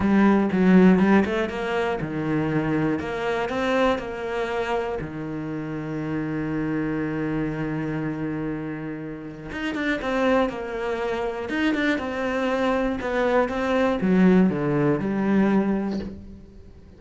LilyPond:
\new Staff \with { instrumentName = "cello" } { \time 4/4 \tempo 4 = 120 g4 fis4 g8 a8 ais4 | dis2 ais4 c'4 | ais2 dis2~ | dis1~ |
dis2. dis'8 d'8 | c'4 ais2 dis'8 d'8 | c'2 b4 c'4 | fis4 d4 g2 | }